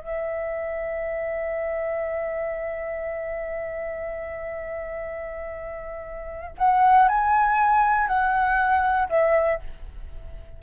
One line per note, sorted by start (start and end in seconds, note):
0.00 6.55 E5
6.58 7.08 F#5
7.08 8.07 G#5
8.07 9.08 F#5
9.09 9.59 E5